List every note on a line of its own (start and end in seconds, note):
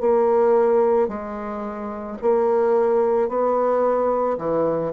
0.00 1.08 A#3
1.08 2.17 G#3
2.22 3.28 A#3
3.28 4.37 B3
4.37 4.92 E3